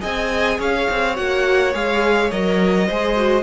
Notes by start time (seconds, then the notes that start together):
0.00 C4 G#4 D#5 G#5
0.58 C#4 C#5 F5
0.90 C4
1.15 A#3 F#4 F#5
1.73 G#3 G#4 F5
2.30 F#3 A#4 D#5
2.87 G#3 G#4 C5
3.16 F#4